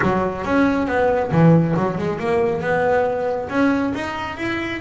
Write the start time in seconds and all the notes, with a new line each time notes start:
0.01 F#3
0.45 C#4
0.87 B3
1.31 E3
1.76 F#3
1.98 G#3
2.19 A#3
2.61 B3
3.49 C#4
3.94 D#4
4.37 E4